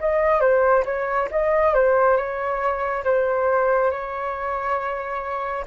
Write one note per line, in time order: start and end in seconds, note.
0.00 0.40 D#5
0.40 0.83 C5
0.85 1.28 C#5
1.30 1.74 D#5
1.74 2.17 C5
2.17 3.04 C#5
3.04 3.91 C5
3.91 5.65 C#5